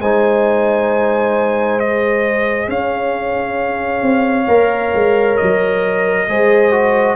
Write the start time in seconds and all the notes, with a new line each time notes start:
0.00 G#3 D#4 C5 G#5
1.80 G#4 D#5
2.68 C#4 C#5 F5
4.02 C4
4.48 A#3 A#4
4.94 G#3
5.37 F#3 D#5
6.28 G#3 G#4 C5
6.72 F#4